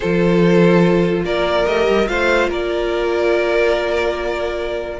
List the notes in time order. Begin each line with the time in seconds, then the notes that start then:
0.00 F3 F4 A4 C5
1.23 A#3 A#4 D5
1.66 A3 G4 D#5
1.87 G3
2.05 A3 F4 C5 F5
2.49 A#3 A#4 D5